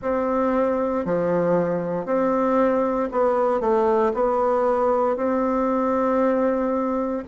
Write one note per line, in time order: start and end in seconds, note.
0.01 1.05 C4
1.05 2.05 F3
2.05 3.09 C4
3.11 3.60 B3
3.60 4.12 A3
4.14 5.16 B3
5.16 7.23 C4